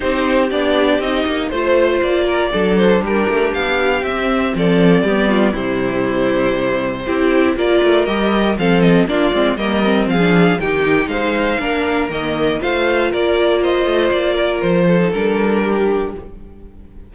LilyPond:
<<
  \new Staff \with { instrumentName = "violin" } { \time 4/4 \tempo 4 = 119 c''4 d''4 dis''4 c''4 | d''4. c''8 ais'4 f''4 | e''4 d''2 c''4~ | c''2. d''4 |
dis''4 f''8 dis''8 d''4 dis''4 | f''4 g''4 f''2 | dis''4 f''4 d''4 dis''4 | d''4 c''4 ais'2 | }
  \new Staff \with { instrumentName = "violin" } { \time 4/4 g'2. c''4~ | c''8 ais'8 a'4 g'2~ | g'4 a'4 g'8 f'8 e'4~ | e'2 g'4 ais'4~ |
ais'4 a'4 f'4 ais'4 | gis'4 g'4 c''4 ais'4~ | ais'4 c''4 ais'4 c''4~ | c''8 ais'4 a'4. g'4 | }
  \new Staff \with { instrumentName = "viola" } { \time 4/4 dis'4 d'4 dis'4 f'4~ | f'4 d'2. | c'2 b4 g4~ | g2 e'4 f'4 |
g'4 c'4 d'8 c'8 ais8 c'8~ | c'16 d'8. dis'2 d'4 | ais4 f'2.~ | f'4.~ f'16 dis'16 d'2 | }
  \new Staff \with { instrumentName = "cello" } { \time 4/4 c'4 b4 c'8 ais8 a4 | ais4 fis4 g8 a8 b4 | c'4 f4 g4 c4~ | c2 c'4 ais8 a8 |
g4 f4 ais8 gis8 g4 | f4 dis4 gis4 ais4 | dis4 a4 ais4. a8 | ais4 f4 g2 | }
>>